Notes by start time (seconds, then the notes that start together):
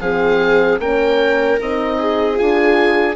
0.00 F3 C4 G#4 F5
0.79 A#3 C#4 A#4 G5
1.60 C4 D#4 D#5
1.98 G#4
2.35 D4 F4 G#5